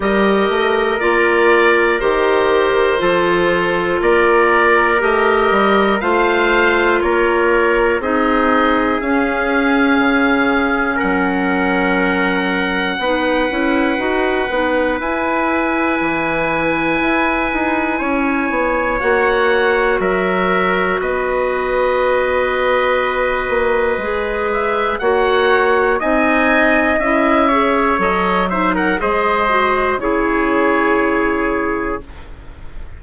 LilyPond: <<
  \new Staff \with { instrumentName = "oboe" } { \time 4/4 \tempo 4 = 60 dis''4 d''4 c''2 | d''4 dis''4 f''4 cis''4 | dis''4 f''2 fis''4~ | fis''2. gis''4~ |
gis''2. fis''4 | e''4 dis''2.~ | dis''8 e''8 fis''4 gis''4 e''4 | dis''8 e''16 fis''16 dis''4 cis''2 | }
  \new Staff \with { instrumentName = "trumpet" } { \time 4/4 ais'2. a'4 | ais'2 c''4 ais'4 | gis'2. ais'4~ | ais'4 b'2.~ |
b'2 cis''2 | ais'4 b'2.~ | b'4 cis''4 dis''4. cis''8~ | cis''8 c''16 ais'16 c''4 gis'2 | }
  \new Staff \with { instrumentName = "clarinet" } { \time 4/4 g'4 f'4 g'4 f'4~ | f'4 g'4 f'2 | dis'4 cis'2.~ | cis'4 dis'8 e'8 fis'8 dis'8 e'4~ |
e'2. fis'4~ | fis'1 | gis'4 fis'4 dis'4 e'8 gis'8 | a'8 dis'8 gis'8 fis'8 e'2 | }
  \new Staff \with { instrumentName = "bassoon" } { \time 4/4 g8 a8 ais4 dis4 f4 | ais4 a8 g8 a4 ais4 | c'4 cis'4 cis4 fis4~ | fis4 b8 cis'8 dis'8 b8 e'4 |
e4 e'8 dis'8 cis'8 b8 ais4 | fis4 b2~ b8 ais8 | gis4 ais4 c'4 cis'4 | fis4 gis4 cis2 | }
>>